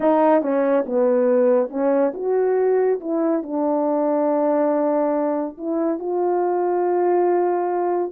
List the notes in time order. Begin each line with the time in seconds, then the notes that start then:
0.00 D#4
0.41 C#4
0.86 B3
1.69 C#4
2.14 F#4
3.00 E4
3.42 D4
5.57 E4
5.99 F4